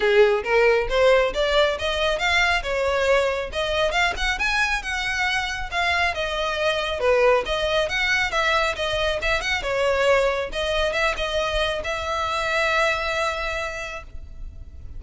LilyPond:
\new Staff \with { instrumentName = "violin" } { \time 4/4 \tempo 4 = 137 gis'4 ais'4 c''4 d''4 | dis''4 f''4 cis''2 | dis''4 f''8 fis''8 gis''4 fis''4~ | fis''4 f''4 dis''2 |
b'4 dis''4 fis''4 e''4 | dis''4 e''8 fis''8 cis''2 | dis''4 e''8 dis''4. e''4~ | e''1 | }